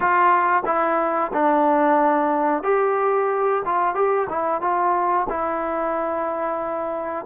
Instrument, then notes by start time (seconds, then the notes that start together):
trombone
0.00 F4
0.65 E4
1.33 D4
2.63 G4
3.65 F4
3.94 G4
4.29 E4
4.61 F4
5.29 E4